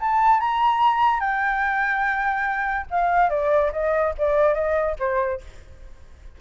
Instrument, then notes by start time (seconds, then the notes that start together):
flute
0.00 A5
0.40 A#5
1.20 G5
2.91 F5
3.30 D5
3.73 D#5
4.18 D5
4.54 D#5
4.99 C5